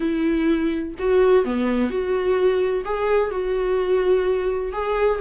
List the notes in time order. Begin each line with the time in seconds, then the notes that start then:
0.00 E4
0.98 F#4
1.44 B3
1.89 F#4
2.85 G#4
3.30 F#4
4.72 G#4